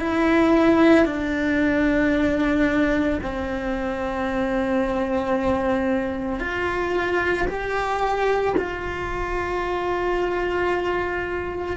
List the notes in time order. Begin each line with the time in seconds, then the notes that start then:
0.00 E4
1.06 D4
3.23 C4
6.40 F4
7.48 G4
8.58 F4